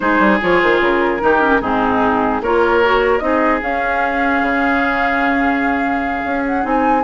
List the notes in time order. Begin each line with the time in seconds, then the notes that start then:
0.00 G#3 D#4 G#4 C5
0.19 G3
0.40 F3 F4 C#5
0.61 D#3 C5
0.80 C#3 A#4
1.20 D#3 D#4 G4
1.41 C#4
1.61 G#2 C4 D#4 G#4
2.41 A#3 F4 A#4 C#5
2.84 F#4
3.18 C4 D#4 D#5
3.25 G#4
3.62 C#4 F5
4.41 C#3
6.24 C#4
6.45 F#5
6.62 C4 D#4 G#5